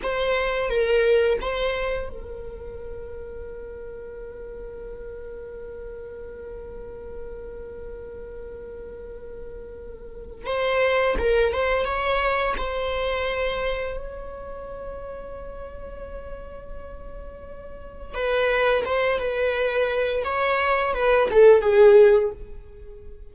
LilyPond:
\new Staff \with { instrumentName = "viola" } { \time 4/4 \tempo 4 = 86 c''4 ais'4 c''4 ais'4~ | ais'1~ | ais'1~ | ais'2. c''4 |
ais'8 c''8 cis''4 c''2 | cis''1~ | cis''2 b'4 c''8 b'8~ | b'4 cis''4 b'8 a'8 gis'4 | }